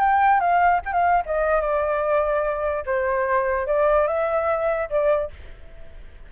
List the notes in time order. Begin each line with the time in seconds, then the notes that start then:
0.00 G5
0.40 F5
0.86 G5
0.93 F5
1.26 D#5
1.62 D5
2.86 C5
3.67 D5
4.08 E5
4.90 D5